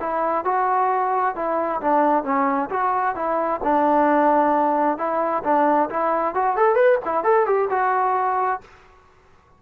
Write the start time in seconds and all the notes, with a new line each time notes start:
0.00 E4
0.44 F#4
1.35 E4
1.81 D4
2.24 C#4
2.69 F#4
3.15 E4
3.63 D4
4.97 E4
5.44 D4
5.89 E4
6.34 F#4
6.56 A4
6.75 B4
7.05 E4
7.23 A4
7.46 G4
7.69 F#4